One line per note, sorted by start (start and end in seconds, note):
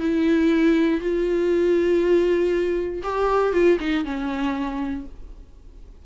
0.00 1.01 E4
1.01 3.03 F4
3.04 3.54 G4
3.54 3.79 F4
3.80 4.05 D#4
4.05 5.06 C#4